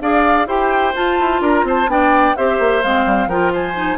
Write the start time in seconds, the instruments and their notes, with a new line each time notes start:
0.00 bassoon D4, clarinet G#4, oboe D5, flute F5
0.46 bassoon E4, clarinet G4, oboe C5, flute G5
0.94 bassoon F4, clarinet F4, flute A5
1.19 bassoon E4
1.40 bassoon D4, oboe A#4, flute A#5
1.63 bassoon C4, oboe C5, flute A5
1.87 bassoon B3, clarinet D4, oboe D5, flute G5
2.36 bassoon C4, clarinet G4, oboe C5, flute E5
2.59 bassoon A#3
2.82 bassoon G#3, clarinet C4, flute F5
3.05 bassoon G3
3.26 bassoon F3, clarinet F4, oboe A#4, flute G5
3.52 oboe C5, flute G#5
3.75 clarinet D#4